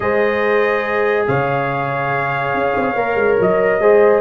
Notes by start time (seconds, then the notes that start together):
0.00 G#3 G#4 C5 D#5
1.27 C#3 C#5 F5
2.53 C#4
2.75 C4
2.94 A#3 A#4
3.15 G#3
3.40 F#3 D#5
3.79 G#3 G#4 C5